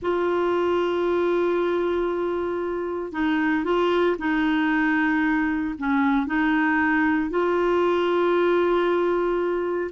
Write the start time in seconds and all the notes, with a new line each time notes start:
0.01 F4
3.12 D#4
3.64 F4
4.18 D#4
5.78 C#4
6.26 D#4
7.29 F4